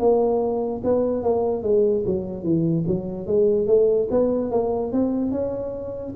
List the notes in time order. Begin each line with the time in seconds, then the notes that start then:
0.00 A#3
0.84 B3
1.23 A#3
1.63 G#3
2.06 F#3
2.44 E3
2.88 F#3
3.27 G#3
3.67 A3
4.11 B3
4.52 A#3
4.93 C4
5.32 C#4